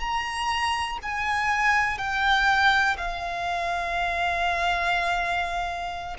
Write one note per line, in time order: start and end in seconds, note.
0.00 0.98 A#5
1.02 1.99 G#5
1.99 2.97 G5
2.97 6.17 F5